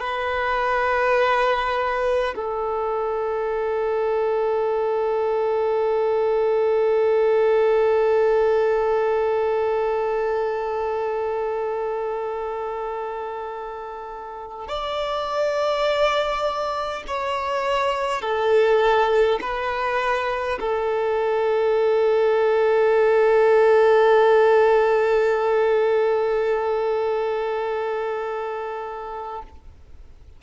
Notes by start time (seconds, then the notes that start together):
0.00 B4
2.35 A4
14.68 D5
17.07 C#5
18.22 A4
19.41 B4
20.60 A4